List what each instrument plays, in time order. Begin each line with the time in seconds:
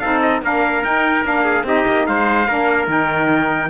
0.00 cello C4, saxophone D#4, trumpet A4 F5
0.22 trumpet D#5
0.43 cello A#3, saxophone D4, trumpet A#4 F5
0.84 saxophone D#4, cello D#4, trumpet G5
1.24 cello A#3, saxophone D4, trumpet F5
1.45 trumpet G#4
1.64 cello C4, saxophone D#4, trumpet G4 D#5
1.88 cello A#3
2.07 cello G#3, trumpet C5 F5
2.48 cello A#3, saxophone D4, trumpet A#4
2.88 cello D#3, saxophone D#4, trumpet G5